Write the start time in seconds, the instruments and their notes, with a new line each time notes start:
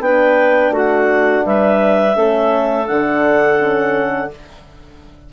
0.00 bassoon B3, horn D4, clarinet B4 G5
0.71 bassoon A3, clarinet F#4
0.78 clarinet F#5
1.45 bassoon G3, clarinet B4 E5
2.15 bassoon A3, horn C#4, clarinet A4
2.87 bassoon D3, horn D4, clarinet F#5
3.58 horn C#4